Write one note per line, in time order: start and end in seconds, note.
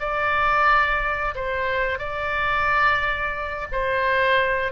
0.00 1.35 D5
1.35 1.99 C5
1.99 3.68 D5
3.72 4.73 C5